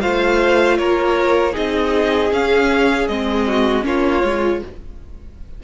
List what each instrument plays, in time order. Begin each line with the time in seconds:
0.00 cello A3, viola F4, violin C5 F5
0.77 cello A#3, violin A#4 C#5
1.52 cello C4, viola D#4, violin G#4 D#5
2.32 cello C#4, viola C#4, violin F5
3.07 cello G#3, viola C4, violin D#5
3.47 violin F#4
3.82 cello A#3, viola C#4, violin F4 C#5
4.23 cello G#3, viola F4